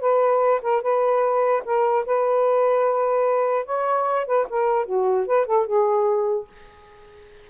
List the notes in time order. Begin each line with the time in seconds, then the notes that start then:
0.00 B4
0.62 A#4
0.82 B4
1.65 A#4
2.06 B4
3.66 C#5
4.26 B4
4.50 A#4
4.86 F#4
5.27 B4
5.46 A4
5.66 G#4